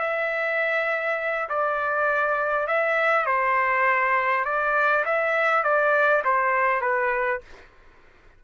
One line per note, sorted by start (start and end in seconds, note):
0.00 1.49 E5
1.49 2.67 D5
2.67 3.26 E5
3.26 4.45 C5
4.45 5.04 D5
5.05 5.63 E5
5.63 6.23 D5
6.24 6.81 C5
6.81 7.40 B4